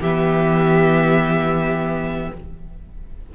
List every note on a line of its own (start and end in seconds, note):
0.00 2.31 E3
0.00 2.35 B3
0.00 2.31 G4
0.00 2.33 E5